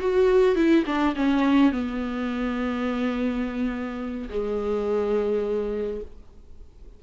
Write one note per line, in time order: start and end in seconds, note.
0.00 0.56 F#4
0.56 0.84 E4
0.86 1.15 D4
1.15 1.72 C#4
1.72 4.29 B3
4.30 6.01 G#3